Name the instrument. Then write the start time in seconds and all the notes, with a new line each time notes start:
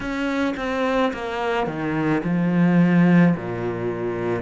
cello
0.00 C#4
0.57 C4
1.13 A#3
1.66 D#3
2.23 F3
3.35 A#2